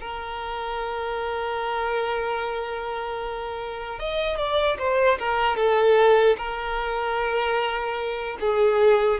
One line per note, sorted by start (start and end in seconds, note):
0.00 3.99 A#4
3.99 4.37 D#5
4.37 4.77 D5
4.78 5.18 C5
5.19 5.56 A#4
5.56 6.36 A4
6.37 8.37 A#4
8.40 9.20 G#4